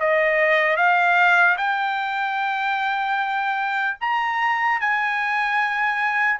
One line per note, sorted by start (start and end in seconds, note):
0.00 0.77 D#5
0.77 1.57 F5
1.58 3.98 G5
4.01 4.81 A#5
4.81 6.40 G#5